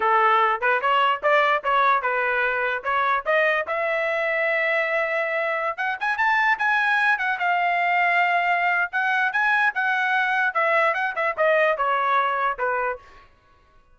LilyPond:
\new Staff \with { instrumentName = "trumpet" } { \time 4/4 \tempo 4 = 148 a'4. b'8 cis''4 d''4 | cis''4 b'2 cis''4 | dis''4 e''2.~ | e''2~ e''16 fis''8 gis''8 a''8.~ |
a''16 gis''4. fis''8 f''4.~ f''16~ | f''2 fis''4 gis''4 | fis''2 e''4 fis''8 e''8 | dis''4 cis''2 b'4 | }